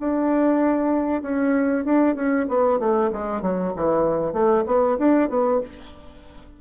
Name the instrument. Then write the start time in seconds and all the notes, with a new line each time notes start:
bassoon
0.00 D4
1.22 C#4
1.85 D4
2.16 C#4
2.49 B3
2.80 A3
3.12 G#3
3.42 F#3
3.76 E3
4.33 A3
4.66 B3
4.99 D4
5.30 B3